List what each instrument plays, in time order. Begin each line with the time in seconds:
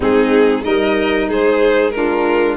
0.00 tuba G#3, saxophone C4, violin D#4 G#4
0.62 tuba G3, saxophone D#4, violin A#4 D#5
1.28 tuba G#3, violin G#4 C5
1.90 saxophone D4, violin F4 A#4